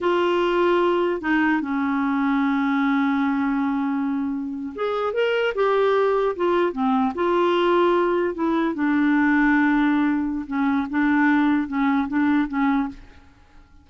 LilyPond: \new Staff \with { instrumentName = "clarinet" } { \time 4/4 \tempo 4 = 149 f'2. dis'4 | cis'1~ | cis'2.~ cis'8. gis'16~ | gis'8. ais'4 g'2 f'16~ |
f'8. c'4 f'2~ f'16~ | f'8. e'4 d'2~ d'16~ | d'2 cis'4 d'4~ | d'4 cis'4 d'4 cis'4 | }